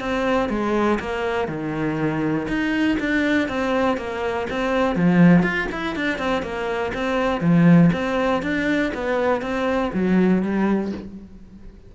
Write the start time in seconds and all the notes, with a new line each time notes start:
0.00 C4
0.49 G#3
0.99 A#3
1.48 D#3
2.48 D#4
3.00 D4
3.48 C4
3.97 A#3
4.50 C4
4.96 F3
5.43 F4
5.72 E4
5.96 D4
6.18 C4
6.42 A#3
6.94 C4
7.41 F3
7.93 C4
8.42 D4
8.94 B3
9.41 C4
9.94 F#3
10.42 G3